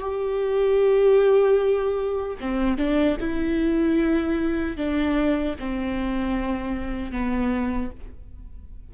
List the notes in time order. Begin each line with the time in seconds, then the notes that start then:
0.00 G4
2.40 C4
2.78 D4
3.20 E4
4.77 D4
5.59 C4
7.12 B3